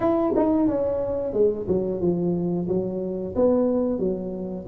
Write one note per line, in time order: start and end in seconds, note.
0.00 0.33 E4
0.36 0.67 D#4
0.67 1.33 C#4
1.33 1.66 G#3
1.68 2.00 F#3
2.00 2.67 F3
2.68 3.34 F#3
3.35 3.99 B3
3.99 4.65 F#3